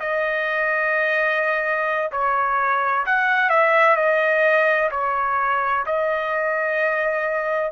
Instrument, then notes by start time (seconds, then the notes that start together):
trumpet
0.00 D#5
2.12 C#5
3.06 F#5
3.50 E5
3.96 D#5
4.91 C#5
5.86 D#5